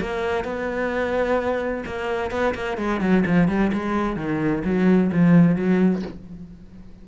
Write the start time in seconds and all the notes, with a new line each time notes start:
0.00 A#3
0.44 B3
1.86 A#3
2.31 B3
2.55 A#3
2.77 G#3
3.01 F#3
3.26 F3
3.48 G3
3.73 G#3
4.16 D#3
4.64 F#3
5.12 F3
5.56 F#3